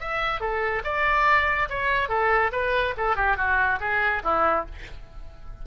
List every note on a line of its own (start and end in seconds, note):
0.00 0.41 E5
0.41 0.83 A4
0.85 1.69 D5
1.69 2.09 C#5
2.09 2.51 A4
2.52 2.95 B4
2.98 3.17 A4
3.17 3.37 G4
3.37 3.80 F#4
3.80 4.23 G#4
4.24 4.66 E4